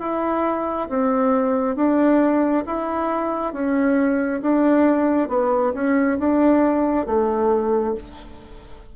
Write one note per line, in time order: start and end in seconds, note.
0.00 0.88 E4
0.89 1.76 C4
1.76 2.64 D4
2.66 3.53 E4
3.53 4.41 C#4
4.42 5.29 D4
5.29 5.73 B3
5.74 6.18 C#4
6.19 7.06 D4
7.06 7.95 A3